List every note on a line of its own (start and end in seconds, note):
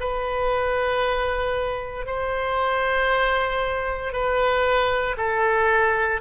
0.00 2.06 B4
2.06 4.13 C5
4.13 5.16 B4
5.17 6.21 A4